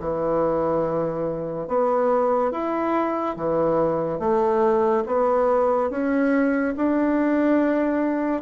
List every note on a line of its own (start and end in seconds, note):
0.00 1.67 E3
1.67 2.51 B3
2.51 3.36 E4
3.36 4.19 E3
4.19 5.04 A3
5.06 5.90 B3
5.90 6.74 C#4
6.76 8.41 D4